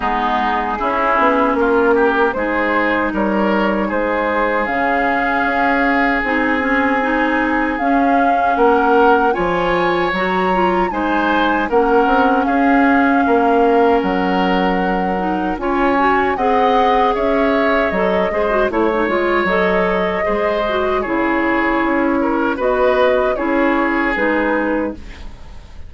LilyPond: <<
  \new Staff \with { instrumentName = "flute" } { \time 4/4 \tempo 4 = 77 gis'2 ais'4 c''4 | cis''4 c''4 f''2 | gis''2 f''4 fis''4 | gis''4 ais''4 gis''4 fis''4 |
f''2 fis''2 | gis''4 fis''4 e''4 dis''4 | cis''4 dis''2 cis''4~ | cis''4 dis''4 cis''4 b'4 | }
  \new Staff \with { instrumentName = "oboe" } { \time 4/4 dis'4 e'4 f'8 g'8 gis'4 | ais'4 gis'2.~ | gis'2. ais'4 | cis''2 c''4 ais'4 |
gis'4 ais'2. | cis''4 dis''4 cis''4. c''8 | cis''2 c''4 gis'4~ | gis'8 ais'8 b'4 gis'2 | }
  \new Staff \with { instrumentName = "clarinet" } { \time 4/4 b4 cis'2 dis'4~ | dis'2 cis'2 | dis'8 cis'8 dis'4 cis'2 | f'4 fis'8 f'8 dis'4 cis'4~ |
cis'2.~ cis'8 dis'8 | f'8 fis'8 gis'2 a'8 gis'16 fis'16 | e'16 dis'16 f'8 a'4 gis'8 fis'8 e'4~ | e'4 fis'4 e'4 dis'4 | }
  \new Staff \with { instrumentName = "bassoon" } { \time 4/4 gis4 cis'8 b8 ais4 gis4 | g4 gis4 cis4 cis'4 | c'2 cis'4 ais4 | f4 fis4 gis4 ais8 c'8 |
cis'4 ais4 fis2 | cis'4 c'4 cis'4 fis8 gis8 | a8 gis8 fis4 gis4 cis4 | cis'4 b4 cis'4 gis4 | }
>>